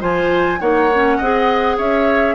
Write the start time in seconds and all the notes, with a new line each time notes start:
0.00 F3 F4 C5 G#5
0.60 A#3 D#4 C#5 F#5
0.95 C#4
1.18 C4 G#4 D#5
1.78 C#4 C#5 E5